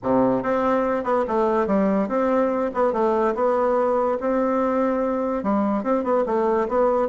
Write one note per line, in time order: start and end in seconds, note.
0.02 0.42 C3
0.42 1.04 C4
1.04 1.24 B3
1.27 1.67 A3
1.67 2.08 G3
2.08 2.70 C4
2.73 2.92 B3
2.92 3.34 A3
3.34 4.18 B3
4.20 5.43 C4
5.43 5.83 G3
5.83 6.03 C4
6.03 6.24 B3
6.26 6.67 A3
6.68 7.08 B3